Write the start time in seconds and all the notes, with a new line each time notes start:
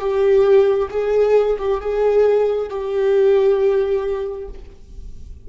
0.00 G4
0.90 G#4
1.58 G4
1.81 G#4
2.70 G4